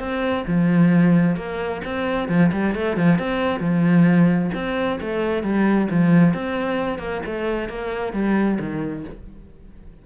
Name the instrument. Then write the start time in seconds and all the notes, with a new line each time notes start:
cello
0.00 C4
0.47 F3
1.37 A#3
1.85 C4
2.29 F3
2.53 G3
2.75 A3
2.97 F3
3.19 C4
3.61 F3
4.55 C4
5.01 A3
5.43 G3
5.91 F3
6.34 C4
6.99 A#3
7.26 A3
7.70 A#3
8.14 G3
8.60 D#3